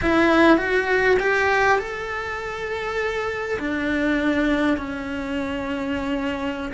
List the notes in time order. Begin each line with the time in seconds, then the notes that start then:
0.01 E4
0.57 F#4
1.19 G4
1.78 A4
3.59 D4
4.77 C#4